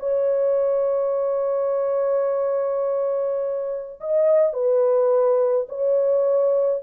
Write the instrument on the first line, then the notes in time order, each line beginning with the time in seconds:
horn
0.00 C#5
4.01 D#5
4.54 B4
5.69 C#5